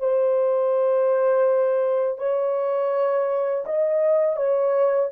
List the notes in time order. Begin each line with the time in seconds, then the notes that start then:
0.00 C5
2.18 C#5
3.66 D#5
4.36 C#5